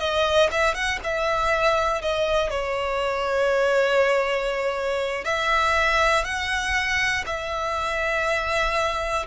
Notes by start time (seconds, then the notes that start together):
0.00 D#5
0.52 E5
0.75 F#5
1.04 E5
2.02 D#5
2.50 C#5
5.25 E5
6.25 F#5
7.26 E5